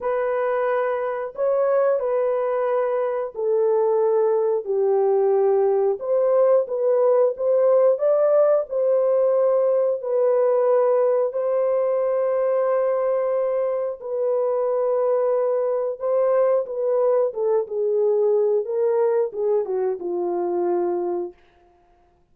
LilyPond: \new Staff \with { instrumentName = "horn" } { \time 4/4 \tempo 4 = 90 b'2 cis''4 b'4~ | b'4 a'2 g'4~ | g'4 c''4 b'4 c''4 | d''4 c''2 b'4~ |
b'4 c''2.~ | c''4 b'2. | c''4 b'4 a'8 gis'4. | ais'4 gis'8 fis'8 f'2 | }